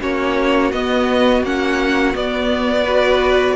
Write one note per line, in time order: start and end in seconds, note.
0.00 0.72 A#3
0.00 0.72 C#4
0.00 2.83 F#4
0.00 0.71 C#5
0.71 1.43 B3
0.71 1.44 B3
0.71 1.43 D#5
1.43 2.14 A#3
1.43 2.13 C#4
1.43 2.15 F#5
2.13 2.85 B3
2.13 3.56 B3
2.13 3.56 D5
2.83 3.56 F#4
2.83 3.54 B4